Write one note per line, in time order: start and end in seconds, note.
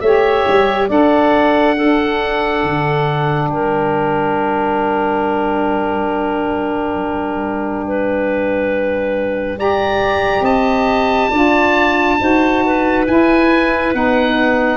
0.00 0.45 A3
0.00 0.88 G4
0.00 0.88 C#5
0.00 0.87 E5
0.47 0.89 G3
0.88 2.63 D4
0.88 1.75 A4
0.88 1.75 D5
0.88 3.49 F#5
1.76 9.57 D4
1.76 3.50 A4
2.63 3.46 D3
3.46 10.41 G3
3.46 7.87 A#4
3.46 9.58 G5
7.87 9.58 B4
9.57 11.31 G4
9.57 10.42 D5
9.57 10.44 A#5
10.41 11.28 C4
10.41 11.29 D#5
10.41 13.05 A5
11.30 12.19 D4
11.30 12.18 F4
11.30 12.17 D5
12.19 13.07 D#4
12.19 13.06 F#4
12.19 12.64 C5
12.65 14.77 B4
13.07 13.93 E4
13.07 13.94 E4
13.07 13.94 G#5
13.93 14.77 B3
13.93 14.77 D#4
13.93 14.77 F#5